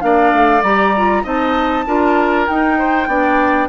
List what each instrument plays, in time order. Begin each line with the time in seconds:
0.00 bassoon A#3, clarinet D4, oboe D5, flute F5
0.33 bassoon A3
0.63 bassoon G3, clarinet G4, flute A#5
0.97 clarinet F4
1.23 bassoon C4, clarinet D#4, oboe D#5, flute A5
1.86 bassoon D4, clarinet F4, oboe A#4
2.46 clarinet D#4, bassoon D#4, flute G5
2.78 oboe C5
3.07 bassoon B3, clarinet D4, oboe D5